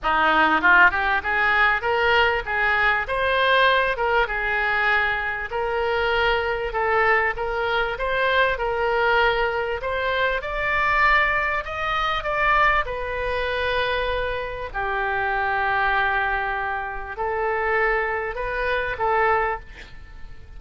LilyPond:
\new Staff \with { instrumentName = "oboe" } { \time 4/4 \tempo 4 = 98 dis'4 f'8 g'8 gis'4 ais'4 | gis'4 c''4. ais'8 gis'4~ | gis'4 ais'2 a'4 | ais'4 c''4 ais'2 |
c''4 d''2 dis''4 | d''4 b'2. | g'1 | a'2 b'4 a'4 | }